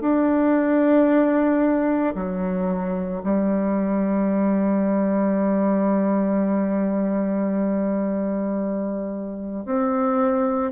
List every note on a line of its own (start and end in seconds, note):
0.00 2.14 D4
2.15 3.22 F#3
3.23 9.65 G3
9.65 10.71 C4